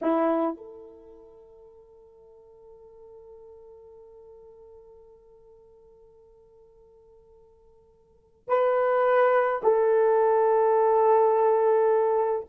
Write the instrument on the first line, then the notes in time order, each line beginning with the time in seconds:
horn
0.01 E4
0.57 A4
8.48 B4
9.63 A4